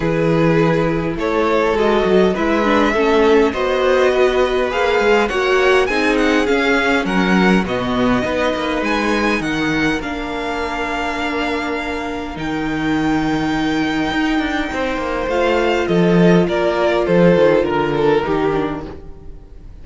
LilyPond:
<<
  \new Staff \with { instrumentName = "violin" } { \time 4/4 \tempo 4 = 102 b'2 cis''4 dis''4 | e''2 dis''2 | f''4 fis''4 gis''8 fis''8 f''4 | fis''4 dis''2 gis''4 |
fis''4 f''2.~ | f''4 g''2.~ | g''2 f''4 dis''4 | d''4 c''4 ais'2 | }
  \new Staff \with { instrumentName = "violin" } { \time 4/4 gis'2 a'2 | b'4 a'4 c''4 b'4~ | b'4 cis''4 gis'2 | ais'4 fis'4 b'2 |
ais'1~ | ais'1~ | ais'4 c''2 a'4 | ais'4 a'4 ais'8 a'8 g'4 | }
  \new Staff \with { instrumentName = "viola" } { \time 4/4 e'2. fis'4 | e'8 d'8 cis'4 fis'2 | gis'4 fis'4 dis'4 cis'4~ | cis'4 b4 dis'2~ |
dis'4 d'2.~ | d'4 dis'2.~ | dis'2 f'2~ | f'2. dis'8 d'8 | }
  \new Staff \with { instrumentName = "cello" } { \time 4/4 e2 a4 gis8 fis8 | gis4 a4 b2 | ais8 gis8 ais4 c'4 cis'4 | fis4 b,4 b8 ais8 gis4 |
dis4 ais2.~ | ais4 dis2. | dis'8 d'8 c'8 ais8 a4 f4 | ais4 f8 dis8 d4 dis4 | }
>>